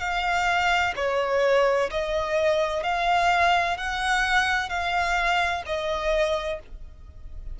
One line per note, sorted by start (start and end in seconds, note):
0.00 0.94 F5
0.96 1.90 C#5
1.91 2.83 D#5
2.83 3.77 F5
3.77 4.69 F#5
4.69 5.63 F5
5.66 6.60 D#5